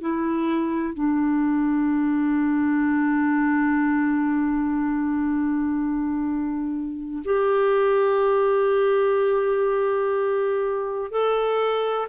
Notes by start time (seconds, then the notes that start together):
0.00 E4
0.94 D4
7.24 G4
11.10 A4